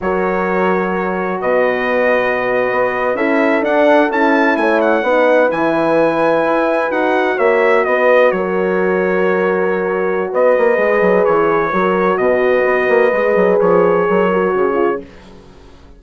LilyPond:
<<
  \new Staff \with { instrumentName = "trumpet" } { \time 4/4 \tempo 4 = 128 cis''2. dis''4~ | dis''2~ dis''8. e''4 fis''16~ | fis''8. a''4 gis''8 fis''4. gis''16~ | gis''2~ gis''8. fis''4 e''16~ |
e''8. dis''4 cis''2~ cis''16~ | cis''2 dis''2 | cis''2 dis''2~ | dis''4 cis''2. | }
  \new Staff \with { instrumentName = "horn" } { \time 4/4 ais'2. b'4~ | b'2~ b'8. a'4~ a'16~ | a'4.~ a'16 cis''4 b'4~ b'16~ | b'2.~ b'8. cis''16~ |
cis''8. b'4 ais'2~ ais'16~ | ais'2 b'2~ | b'4 ais'4 b'2~ | b'2 ais'4 gis'4 | }
  \new Staff \with { instrumentName = "horn" } { \time 4/4 fis'1~ | fis'2~ fis'8. e'4 d'16~ | d'8. e'2 dis'4 e'16~ | e'2~ e'8. fis'4~ fis'16~ |
fis'1~ | fis'2. gis'4~ | gis'4 fis'2. | gis'2~ gis'8 fis'4 f'8 | }
  \new Staff \with { instrumentName = "bassoon" } { \time 4/4 fis2. b,4~ | b,4.~ b,16 b4 cis'4 d'16~ | d'8. cis'4 a4 b4 e16~ | e4.~ e16 e'4 dis'4 ais16~ |
ais8. b4 fis2~ fis16~ | fis2 b8 ais8 gis8 fis8 | e4 fis4 b,4 b8 ais8 | gis8 fis8 f4 fis4 cis4 | }
>>